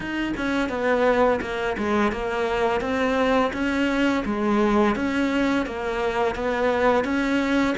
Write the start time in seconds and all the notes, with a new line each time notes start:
0.00 D#4
0.37 C#4
0.69 B3
1.41 A#3
1.77 G#3
2.11 A#3
2.80 C4
3.53 C#4
4.25 G#3
4.95 C#4
5.66 A#3
6.35 B3
7.04 C#4